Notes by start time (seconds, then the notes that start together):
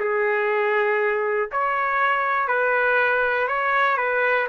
0.00 G#4
1.52 C#5
2.48 B4
3.48 C#5
3.97 B4